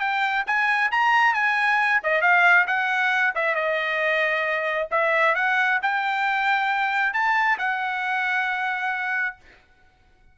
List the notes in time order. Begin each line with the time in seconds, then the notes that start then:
0.00 G5
0.47 G#5
0.92 A#5
1.34 G#5
2.03 D#5
2.21 F5
2.67 F#5
3.35 E5
3.55 D#5
4.91 E5
5.35 F#5
5.82 G5
7.14 A5
7.59 F#5